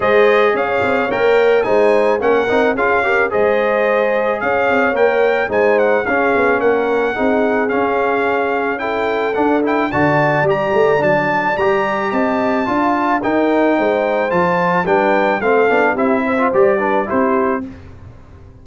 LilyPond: <<
  \new Staff \with { instrumentName = "trumpet" } { \time 4/4 \tempo 4 = 109 dis''4 f''4 g''4 gis''4 | fis''4 f''4 dis''2 | f''4 g''4 gis''8 fis''8 f''4 | fis''2 f''2 |
g''4 fis''8 g''8 a''4 ais''4 | a''4 ais''4 a''2 | g''2 a''4 g''4 | f''4 e''4 d''4 c''4 | }
  \new Staff \with { instrumentName = "horn" } { \time 4/4 c''4 cis''2 c''4 | ais'4 gis'8 ais'8 c''2 | cis''2 c''4 gis'4 | ais'4 gis'2. |
a'2 d''2~ | d''2 dis''4 f''4 | ais'4 c''2 b'4 | a'4 g'8 c''4 b'8 g'4 | }
  \new Staff \with { instrumentName = "trombone" } { \time 4/4 gis'2 ais'4 dis'4 | cis'8 dis'8 f'8 g'8 gis'2~ | gis'4 ais'4 dis'4 cis'4~ | cis'4 dis'4 cis'2 |
e'4 d'8 e'8 fis'4 g'4 | d'4 g'2 f'4 | dis'2 f'4 d'4 | c'8 d'8 e'8. f'16 g'8 d'8 e'4 | }
  \new Staff \with { instrumentName = "tuba" } { \time 4/4 gis4 cis'8 c'8 ais4 gis4 | ais8 c'8 cis'4 gis2 | cis'8 c'8 ais4 gis4 cis'8 b8 | ais4 c'4 cis'2~ |
cis'4 d'4 d4 g8 a8 | fis4 g4 c'4 d'4 | dis'4 gis4 f4 g4 | a8 b8 c'4 g4 c'4 | }
>>